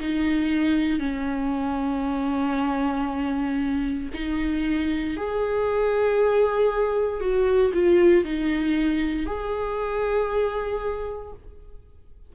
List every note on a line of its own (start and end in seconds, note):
0.00 0.99 D#4
0.99 4.10 C#4
4.13 5.17 D#4
5.17 7.20 G#4
7.20 7.72 F#4
7.74 8.24 F4
8.24 9.26 D#4
9.26 11.33 G#4